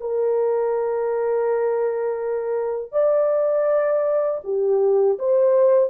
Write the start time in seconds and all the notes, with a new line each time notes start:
0.00 A#4
2.92 D5
4.43 G4
5.19 C5